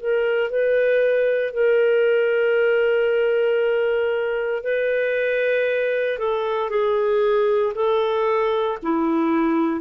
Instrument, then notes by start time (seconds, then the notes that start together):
clarinet
0.00 A#4
0.51 B4
1.54 A#4
4.64 B4
6.19 A4
6.70 G#4
7.75 A4
8.83 E4